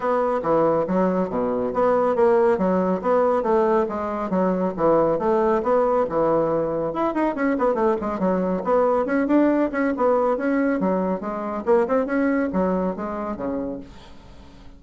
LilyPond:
\new Staff \with { instrumentName = "bassoon" } { \time 4/4 \tempo 4 = 139 b4 e4 fis4 b,4 | b4 ais4 fis4 b4 | a4 gis4 fis4 e4 | a4 b4 e2 |
e'8 dis'8 cis'8 b8 a8 gis8 fis4 | b4 cis'8 d'4 cis'8 b4 | cis'4 fis4 gis4 ais8 c'8 | cis'4 fis4 gis4 cis4 | }